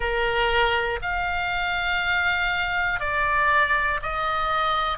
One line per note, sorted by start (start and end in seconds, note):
0.00 1.00 A#4
1.02 3.00 F5
3.00 4.00 D5
4.02 4.98 D#5